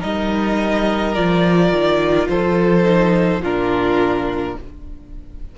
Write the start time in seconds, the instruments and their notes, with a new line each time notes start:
0.00 cello G3, viola D#4, violin A#4 D#5
1.14 cello F3, viola F4, violin D5
1.71 cello D#3
2.29 cello F3, violin A4 C5
2.83 viola D#4
3.41 cello A#2, viola D4, violin F4 A#4